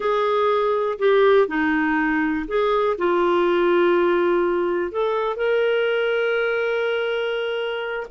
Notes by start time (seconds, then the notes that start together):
0.00 G#4
0.98 G4
1.47 D#4
2.47 G#4
2.98 F4
4.91 A4
5.36 A#4